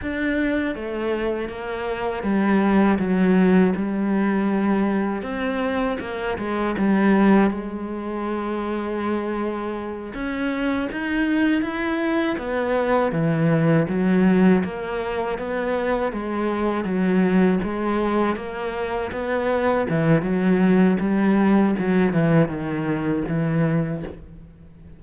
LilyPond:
\new Staff \with { instrumentName = "cello" } { \time 4/4 \tempo 4 = 80 d'4 a4 ais4 g4 | fis4 g2 c'4 | ais8 gis8 g4 gis2~ | gis4. cis'4 dis'4 e'8~ |
e'8 b4 e4 fis4 ais8~ | ais8 b4 gis4 fis4 gis8~ | gis8 ais4 b4 e8 fis4 | g4 fis8 e8 dis4 e4 | }